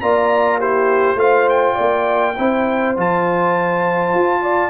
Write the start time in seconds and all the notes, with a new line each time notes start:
0.00 A#3 F4 D5 A#5
0.58 E4 G4 C5
1.15 A3 F4 C5 F5
1.49 G5
1.75 A#3 D5
2.36 C4 E4 C5
2.96 F3 F4 A5
4.14 F4
4.41 D5